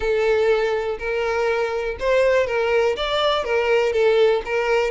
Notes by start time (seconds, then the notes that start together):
0.00 A4
0.98 A#4
1.99 C5
2.46 A#4
2.96 D5
3.44 A#4
3.92 A4
4.45 A#4